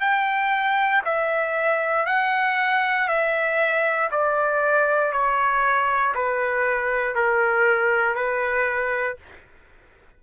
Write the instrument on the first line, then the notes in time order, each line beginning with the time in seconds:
trumpet
0.00 G5
1.04 E5
2.06 F#5
3.08 E5
4.11 D5
5.12 C#5
6.14 B4
7.15 A#4
8.15 B4